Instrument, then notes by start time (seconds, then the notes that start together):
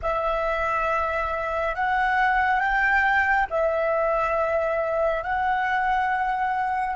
flute
0.02 E5
1.75 F#5
2.60 G5
3.50 E5
5.23 F#5